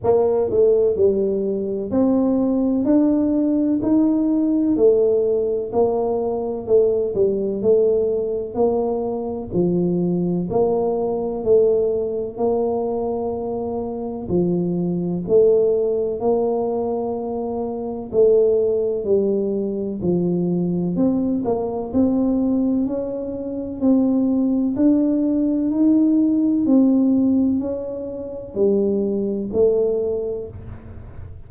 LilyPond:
\new Staff \with { instrumentName = "tuba" } { \time 4/4 \tempo 4 = 63 ais8 a8 g4 c'4 d'4 | dis'4 a4 ais4 a8 g8 | a4 ais4 f4 ais4 | a4 ais2 f4 |
a4 ais2 a4 | g4 f4 c'8 ais8 c'4 | cis'4 c'4 d'4 dis'4 | c'4 cis'4 g4 a4 | }